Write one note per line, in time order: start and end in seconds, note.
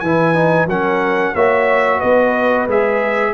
0.00 0.67 E3
0.00 0.35 E4
0.00 0.69 B4
0.00 0.67 G#5
0.35 0.68 D#4
0.67 1.33 F#3
0.67 1.36 C#4
0.67 1.34 A#4
0.67 1.35 F#5
1.34 2.01 A#3
1.34 2.69 F#4
1.34 1.98 C#5
1.34 2.01 E5
1.98 2.67 B3
1.98 3.31 B4
1.98 2.67 D#5
2.67 3.34 G#3
2.67 3.34 G#4
2.67 3.34 E5